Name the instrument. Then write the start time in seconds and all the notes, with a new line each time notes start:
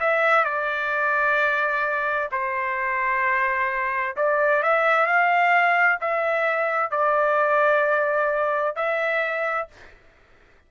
trumpet
0.00 E5
0.45 D5
2.32 C5
4.17 D5
4.63 E5
5.07 F5
6.01 E5
6.91 D5
8.76 E5